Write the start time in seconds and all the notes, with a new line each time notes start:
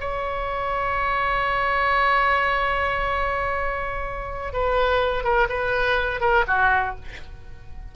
0.00 C#5
4.53 B4
5.24 A#4
5.49 B4
6.21 A#4
6.47 F#4